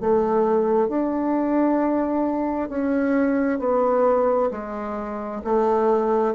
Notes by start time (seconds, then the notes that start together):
0.00 A3
0.88 D4
2.69 C#4
3.59 B3
4.51 G#3
5.44 A3